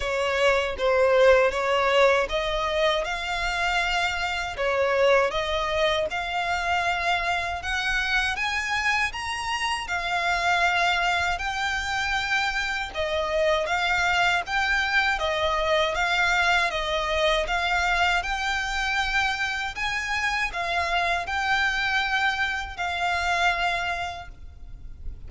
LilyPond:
\new Staff \with { instrumentName = "violin" } { \time 4/4 \tempo 4 = 79 cis''4 c''4 cis''4 dis''4 | f''2 cis''4 dis''4 | f''2 fis''4 gis''4 | ais''4 f''2 g''4~ |
g''4 dis''4 f''4 g''4 | dis''4 f''4 dis''4 f''4 | g''2 gis''4 f''4 | g''2 f''2 | }